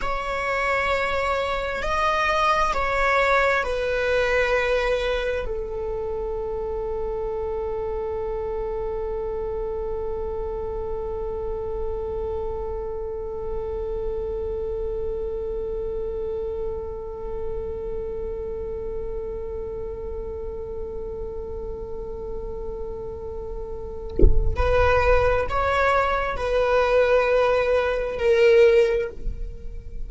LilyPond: \new Staff \with { instrumentName = "viola" } { \time 4/4 \tempo 4 = 66 cis''2 dis''4 cis''4 | b'2 a'2~ | a'1~ | a'1~ |
a'1~ | a'1~ | a'2. b'4 | cis''4 b'2 ais'4 | }